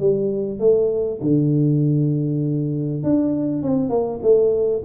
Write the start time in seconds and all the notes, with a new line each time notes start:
0.00 G3
0.60 A3
1.21 D3
3.03 D4
3.63 C4
3.89 A#3
4.22 A3